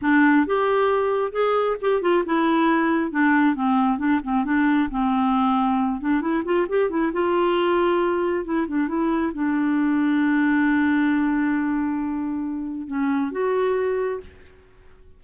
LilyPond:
\new Staff \with { instrumentName = "clarinet" } { \time 4/4 \tempo 4 = 135 d'4 g'2 gis'4 | g'8 f'8 e'2 d'4 | c'4 d'8 c'8 d'4 c'4~ | c'4. d'8 e'8 f'8 g'8 e'8 |
f'2. e'8 d'8 | e'4 d'2.~ | d'1~ | d'4 cis'4 fis'2 | }